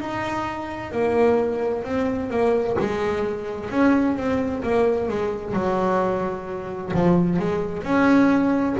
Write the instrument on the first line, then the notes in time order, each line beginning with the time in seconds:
double bass
0.00 D#4
0.91 A#3
1.84 C4
2.30 A#3
2.79 G#3
3.70 C#4
4.16 C4
4.63 A#3
5.08 G#3
5.53 F#3
6.93 F3
7.39 G#3
7.83 C#4